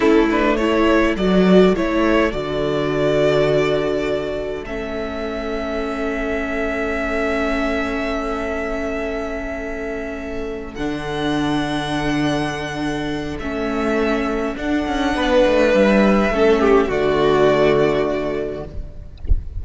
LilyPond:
<<
  \new Staff \with { instrumentName = "violin" } { \time 4/4 \tempo 4 = 103 a'8 b'8 cis''4 d''4 cis''4 | d''1 | e''1~ | e''1~ |
e''2~ e''8 fis''4.~ | fis''2. e''4~ | e''4 fis''2 e''4~ | e''4 d''2. | }
  \new Staff \with { instrumentName = "violin" } { \time 4/4 e'4 a'2.~ | a'1~ | a'1~ | a'1~ |
a'1~ | a'1~ | a'2 b'2 | a'8 g'8 fis'2. | }
  \new Staff \with { instrumentName = "viola" } { \time 4/4 cis'8 d'8 e'4 fis'4 e'4 | fis'1 | cis'1~ | cis'1~ |
cis'2~ cis'8 d'4.~ | d'2. cis'4~ | cis'4 d'2. | cis'4 a2. | }
  \new Staff \with { instrumentName = "cello" } { \time 4/4 a2 fis4 a4 | d1 | a1~ | a1~ |
a2~ a8 d4.~ | d2. a4~ | a4 d'8 cis'8 b8 a8 g4 | a4 d2. | }
>>